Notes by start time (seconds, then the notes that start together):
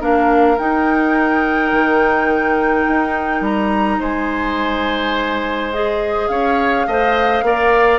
0.00 A#3 D4 A#4 F5
0.58 D#4 G5
1.72 D#3
2.88 D#4
3.41 G3 A#5
4.00 G#3 C5 G#5
5.73 G#4 D#5
6.28 C#4 C#5 F5
6.87 A3 C5 D#5
7.42 A#3 A#4 D5